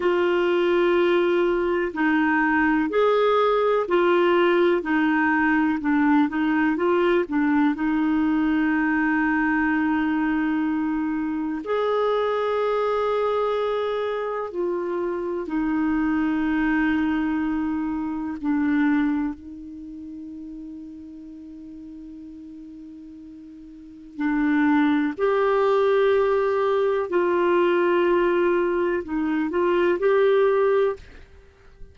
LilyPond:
\new Staff \with { instrumentName = "clarinet" } { \time 4/4 \tempo 4 = 62 f'2 dis'4 gis'4 | f'4 dis'4 d'8 dis'8 f'8 d'8 | dis'1 | gis'2. f'4 |
dis'2. d'4 | dis'1~ | dis'4 d'4 g'2 | f'2 dis'8 f'8 g'4 | }